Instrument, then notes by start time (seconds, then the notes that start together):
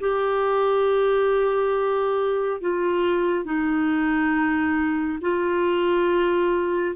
clarinet
0.00 G4
2.61 F4
3.45 D#4
5.21 F4